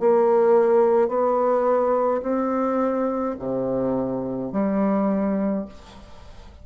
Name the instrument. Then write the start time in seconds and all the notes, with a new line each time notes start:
bassoon
0.00 A#3
1.09 B3
2.23 C4
3.39 C3
4.52 G3